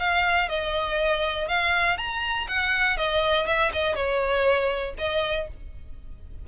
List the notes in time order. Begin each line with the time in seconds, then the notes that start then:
0.00 F5
0.49 D#5
1.49 F5
1.98 A#5
2.48 F#5
2.98 D#5
3.47 E5
3.73 D#5
3.95 C#5
4.98 D#5